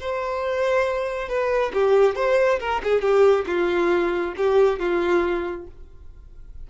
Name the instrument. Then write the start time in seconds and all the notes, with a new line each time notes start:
violin
0.00 C5
1.28 B4
1.73 G4
2.15 C5
2.60 A#4
2.83 G#4
3.01 G4
3.46 F4
4.37 G4
4.79 F4